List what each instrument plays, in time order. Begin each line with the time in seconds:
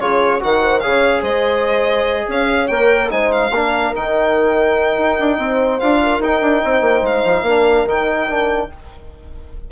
0.00 bassoon C#3, trombone F4, horn G#4, violin C#5
0.41 bassoon D#3, trombone F#4, horn A#4, violin F#5
0.62 horn C5
0.80 bassoon C#3, trombone G#4, horn C#5, violin F5
1.22 bassoon G#3, horn C5, violin D#5
2.29 bassoon C#4, horn C#5, violin F5
2.68 bassoon A#3, trombone A#4, violin G5
3.10 bassoon G#3, trombone D#4, horn C5, violin G#5
3.32 violin F5
3.51 bassoon A#3, trombone D4, horn A#4
3.95 bassoon D#3, trombone D#4, violin G5
4.97 bassoon D#4
5.20 bassoon D4
5.39 bassoon C4, horn C5
5.80 bassoon D4, trombone F4, violin F5
6.03 horn A#4
6.20 bassoon D#4, trombone D#4, violin G5
6.42 bassoon D4
6.65 bassoon C4, horn C5
6.81 bassoon A#3
7.03 bassoon G#3, violin F5
7.25 bassoon F3
7.43 bassoon A#3, trombone D4, horn A#4
7.86 bassoon D#3, trombone D#4, violin G5
8.29 trombone D4